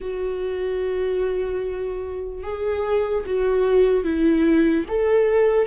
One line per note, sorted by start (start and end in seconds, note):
0.00 2.43 F#4
2.43 3.24 G#4
3.26 4.04 F#4
4.04 4.85 E4
4.88 5.66 A4